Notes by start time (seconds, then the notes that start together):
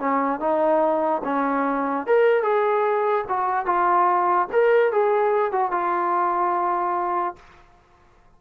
0.00 C#4
0.40 D#4
1.25 C#4
2.07 A#4
2.43 G#4
3.29 F#4
3.66 F4
4.53 A#4
4.92 G#4
5.52 F#4
5.72 F4